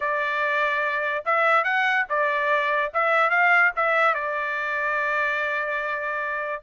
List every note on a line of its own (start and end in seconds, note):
0.00 1.24 D5
1.25 1.64 E5
1.64 2.05 F#5
2.09 2.92 D5
2.93 3.30 E5
3.30 3.71 F5
3.75 4.14 E5
4.14 6.62 D5